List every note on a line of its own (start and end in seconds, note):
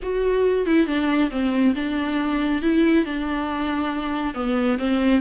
0.02 0.66 F#4
0.66 0.86 E4
0.86 1.30 D4
1.30 1.74 C4
1.75 2.62 D4
2.62 3.05 E4
3.05 4.34 D4
4.34 4.77 B3
4.78 5.21 C4